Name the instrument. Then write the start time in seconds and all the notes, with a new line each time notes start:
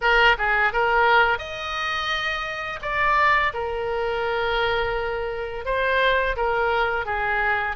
oboe
0.01 A#4
0.38 G#4
0.73 A#4
1.38 D#5
2.82 D5
3.53 A#4
5.65 C5
6.36 A#4
7.05 G#4